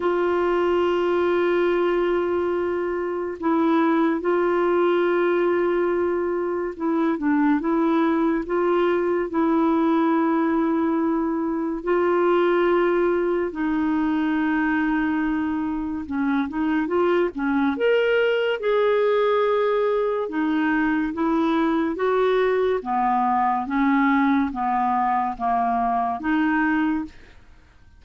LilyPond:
\new Staff \with { instrumentName = "clarinet" } { \time 4/4 \tempo 4 = 71 f'1 | e'4 f'2. | e'8 d'8 e'4 f'4 e'4~ | e'2 f'2 |
dis'2. cis'8 dis'8 | f'8 cis'8 ais'4 gis'2 | dis'4 e'4 fis'4 b4 | cis'4 b4 ais4 dis'4 | }